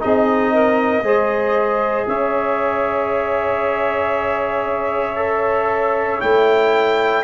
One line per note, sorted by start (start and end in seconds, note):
0.00 1.02 C4
0.00 1.03 D#4
0.00 0.53 G#4
0.00 2.09 D#5
0.53 1.04 A#4
1.02 2.06 G#3
1.02 5.16 G#4
1.02 2.07 C5
2.07 6.22 C#4
2.07 7.24 C#5
2.07 6.21 E5
5.16 6.20 A4
6.20 7.24 A3
6.20 7.23 E4
6.20 7.24 G5